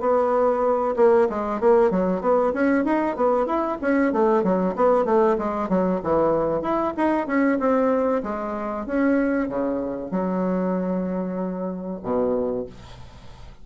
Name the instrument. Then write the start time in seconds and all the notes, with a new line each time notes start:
bassoon
0.00 B3
0.96 A#3
1.29 G#3
1.60 A#3
1.91 F#3
2.21 B3
2.53 C#4
2.84 D#4
3.16 B3
3.46 E4
3.82 C#4
4.12 A3
4.43 F#3
4.76 B3
5.05 A3
5.38 G#3
5.69 F#3
6.03 E3
6.61 E4
6.97 D#4
7.27 C#4
7.59 C4
8.23 G#3
8.86 C#4
9.49 C#3
10.11 F#3
12.03 B2